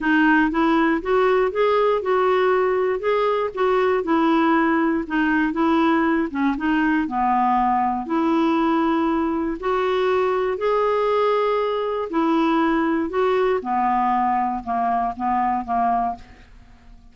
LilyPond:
\new Staff \with { instrumentName = "clarinet" } { \time 4/4 \tempo 4 = 119 dis'4 e'4 fis'4 gis'4 | fis'2 gis'4 fis'4 | e'2 dis'4 e'4~ | e'8 cis'8 dis'4 b2 |
e'2. fis'4~ | fis'4 gis'2. | e'2 fis'4 b4~ | b4 ais4 b4 ais4 | }